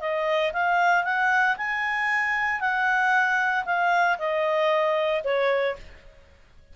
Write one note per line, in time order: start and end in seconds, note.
0.00 0.52 D#5
0.53 1.04 F5
1.04 1.57 F#5
1.57 2.61 G#5
2.61 3.65 F#5
3.65 4.18 F5
4.18 5.23 D#5
5.24 5.76 C#5